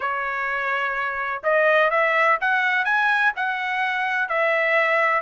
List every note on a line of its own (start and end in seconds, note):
0.00 1.42 C#5
1.43 1.90 D#5
1.90 2.37 E5
2.40 2.84 F#5
2.84 3.32 G#5
3.35 4.28 F#5
4.28 5.21 E5